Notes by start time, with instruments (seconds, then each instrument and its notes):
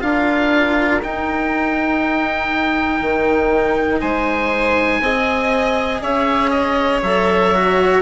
0.00 bassoon D4, cello F4, violin A#4, oboe F5
1.02 cello D#4, bassoon D#4, oboe G5
3.00 bassoon D#3
4.00 bassoon G#3, violin C5, oboe G#5
5.00 bassoon C4, cello G#4, violin D#5
6.02 bassoon C#4, violin C#5, oboe E5
6.50 oboe D#5
7.02 bassoon F#3, cello A4, oboe E5
7.54 cello F#4